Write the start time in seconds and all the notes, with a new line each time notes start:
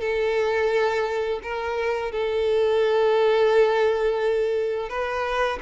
0.00 A4
1.42 A#4
2.12 A4
4.89 B4